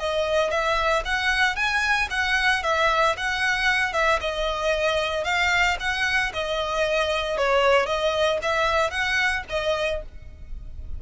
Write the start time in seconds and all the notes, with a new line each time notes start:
0.00 D#5
0.51 E5
1.06 F#5
1.56 G#5
2.11 F#5
2.63 E5
3.17 F#5
3.93 E5
4.21 D#5
5.25 F5
5.80 F#5
6.34 D#5
7.38 C#5
7.87 D#5
8.43 E5
8.91 F#5
9.50 D#5